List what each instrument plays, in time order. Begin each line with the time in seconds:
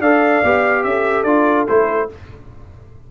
0.00 tuba D4, trombone A4, horn D5, trumpet F5
0.43 tuba B3, trombone G4
0.84 tuba C#4, horn A4, trumpet E5
1.23 tuba D4, trombone F4, trumpet D5
1.68 tuba A3, trombone E4, trumpet C5